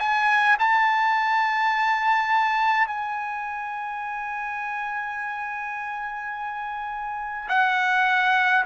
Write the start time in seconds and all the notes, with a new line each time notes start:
0.00 G#5
0.60 A5
2.87 G#5
7.49 F#5